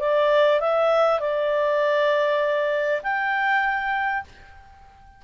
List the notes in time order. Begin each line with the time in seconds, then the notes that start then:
0.00 D5
0.60 E5
1.20 D5
3.03 G5